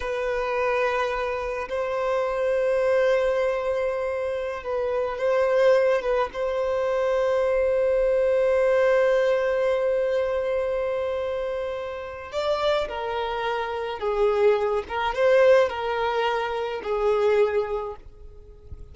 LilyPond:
\new Staff \with { instrumentName = "violin" } { \time 4/4 \tempo 4 = 107 b'2. c''4~ | c''1~ | c''16 b'4 c''4. b'8 c''8.~ | c''1~ |
c''1~ | c''2 d''4 ais'4~ | ais'4 gis'4. ais'8 c''4 | ais'2 gis'2 | }